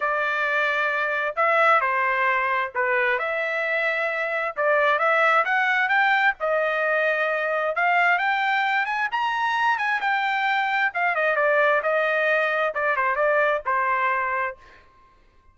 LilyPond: \new Staff \with { instrumentName = "trumpet" } { \time 4/4 \tempo 4 = 132 d''2. e''4 | c''2 b'4 e''4~ | e''2 d''4 e''4 | fis''4 g''4 dis''2~ |
dis''4 f''4 g''4. gis''8 | ais''4. gis''8 g''2 | f''8 dis''8 d''4 dis''2 | d''8 c''8 d''4 c''2 | }